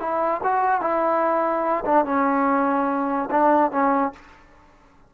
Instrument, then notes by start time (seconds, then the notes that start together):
trombone
0.00 E4
0.44 F#4
0.81 E4
1.85 D4
2.05 C#4
3.31 D4
3.72 C#4